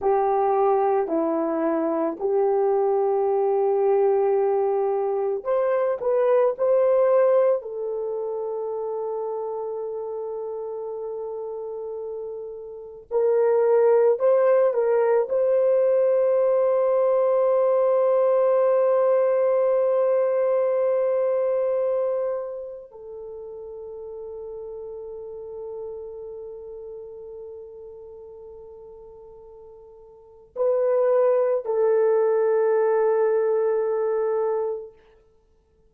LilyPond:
\new Staff \with { instrumentName = "horn" } { \time 4/4 \tempo 4 = 55 g'4 e'4 g'2~ | g'4 c''8 b'8 c''4 a'4~ | a'1 | ais'4 c''8 ais'8 c''2~ |
c''1~ | c''4 a'2.~ | a'1 | b'4 a'2. | }